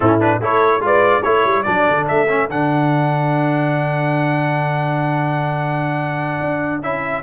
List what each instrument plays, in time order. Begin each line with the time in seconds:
0.00 tuba A2, trombone C#4, horn E4, trumpet A4
0.20 trombone D4, trumpet B4
0.40 tuba A3, trombone E4, horn A4, trumpet C#5
0.79 tuba G#3, trombone F4
0.85 horn B4, trumpet D5
1.23 tuba A3, trombone E4, horn A4, trumpet C#5
1.44 tuba G3
1.62 tuba F#3, trombone D4, trumpet D5
1.89 tuba D3
2.08 tuba A3, trumpet E5
2.28 trombone C#4
2.48 tuba D3, trombone D4, trumpet F#5
6.40 tuba D4
6.81 tuba C#4, trombone E4, trumpet E5